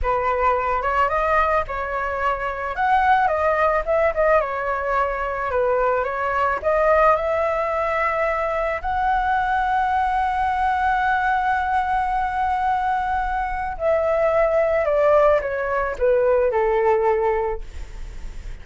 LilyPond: \new Staff \with { instrumentName = "flute" } { \time 4/4 \tempo 4 = 109 b'4. cis''8 dis''4 cis''4~ | cis''4 fis''4 dis''4 e''8 dis''8 | cis''2 b'4 cis''4 | dis''4 e''2. |
fis''1~ | fis''1~ | fis''4 e''2 d''4 | cis''4 b'4 a'2 | }